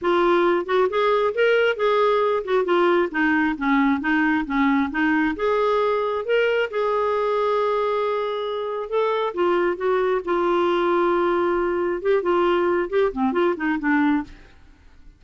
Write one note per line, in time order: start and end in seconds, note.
0.01 0.65 F4
0.65 0.88 F#4
0.89 1.34 G#4
1.34 1.76 A#4
1.76 2.43 G#4
2.44 2.64 F#4
2.64 3.09 F4
3.11 3.55 D#4
3.57 4.00 C#4
4.00 4.44 D#4
4.45 4.89 C#4
4.90 5.35 D#4
5.36 6.25 G#4
6.25 6.69 A#4
6.70 8.89 G#4
8.89 9.33 A4
9.33 9.76 F4
9.76 10.21 F#4
10.24 12.02 F4
12.02 12.22 G4
12.22 12.89 F4
12.89 13.12 G4
13.12 13.32 C4
13.32 13.54 F4
13.56 13.78 D#4
13.79 14.23 D4